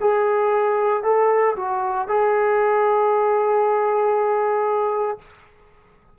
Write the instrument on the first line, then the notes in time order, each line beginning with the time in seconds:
trombone
0.00 G#4
1.03 A4
1.56 F#4
2.07 G#4